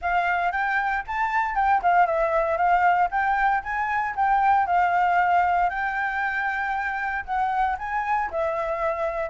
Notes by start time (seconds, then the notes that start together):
0.01 F5
0.52 G5
1.07 A5
1.55 G5
1.82 F5
2.06 E5
2.57 F5
3.11 G5
3.63 G#5
4.15 G5
4.66 F5
5.69 G5
7.25 F#5
7.78 G#5
8.30 E5